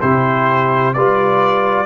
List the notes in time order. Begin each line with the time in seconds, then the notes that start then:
0.00 C3 E4 G4 C5
0.93 G3 F4 B4 D5